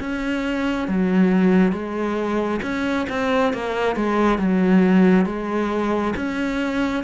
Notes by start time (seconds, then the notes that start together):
0.00 C#4
0.88 F#3
1.72 G#3
2.62 C#4
3.09 C4
3.53 A#3
3.96 G#3
4.38 F#3
5.26 G#3
6.16 C#4